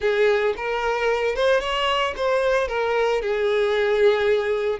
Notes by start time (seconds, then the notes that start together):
0.00 G#4
0.56 A#4
1.35 C5
1.60 C#5
2.16 C5
2.68 A#4
3.21 G#4